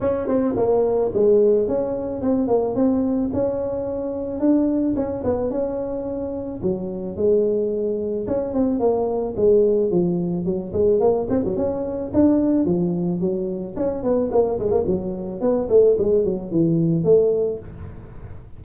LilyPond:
\new Staff \with { instrumentName = "tuba" } { \time 4/4 \tempo 4 = 109 cis'8 c'8 ais4 gis4 cis'4 | c'8 ais8 c'4 cis'2 | d'4 cis'8 b8 cis'2 | fis4 gis2 cis'8 c'8 |
ais4 gis4 f4 fis8 gis8 | ais8 c'16 fis16 cis'4 d'4 f4 | fis4 cis'8 b8 ais8 gis16 ais16 fis4 | b8 a8 gis8 fis8 e4 a4 | }